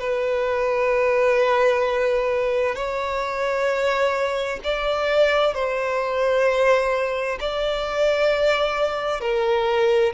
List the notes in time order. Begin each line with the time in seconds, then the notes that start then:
0.00 B4
2.75 C#5
4.64 D5
5.54 C5
7.40 D5
9.21 A#4